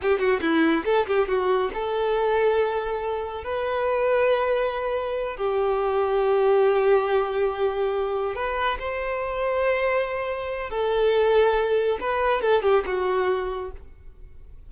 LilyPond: \new Staff \with { instrumentName = "violin" } { \time 4/4 \tempo 4 = 140 g'8 fis'8 e'4 a'8 g'8 fis'4 | a'1 | b'1~ | b'8 g'2.~ g'8~ |
g'2.~ g'8 b'8~ | b'8 c''2.~ c''8~ | c''4 a'2. | b'4 a'8 g'8 fis'2 | }